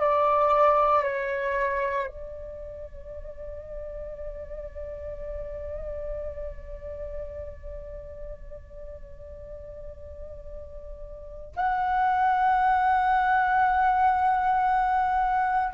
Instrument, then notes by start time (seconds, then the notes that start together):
flute
0.00 D5
1.04 C#5
2.08 D5
11.56 F#5